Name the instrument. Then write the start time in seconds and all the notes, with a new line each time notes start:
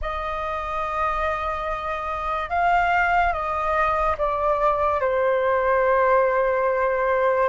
flute
0.01 D#5
2.49 F5
3.33 D#5
4.17 D5
5.00 C5